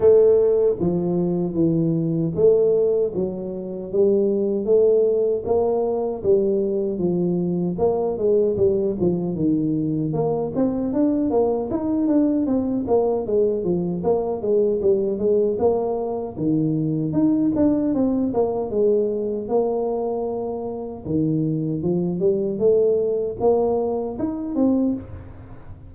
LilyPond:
\new Staff \with { instrumentName = "tuba" } { \time 4/4 \tempo 4 = 77 a4 f4 e4 a4 | fis4 g4 a4 ais4 | g4 f4 ais8 gis8 g8 f8 | dis4 ais8 c'8 d'8 ais8 dis'8 d'8 |
c'8 ais8 gis8 f8 ais8 gis8 g8 gis8 | ais4 dis4 dis'8 d'8 c'8 ais8 | gis4 ais2 dis4 | f8 g8 a4 ais4 dis'8 c'8 | }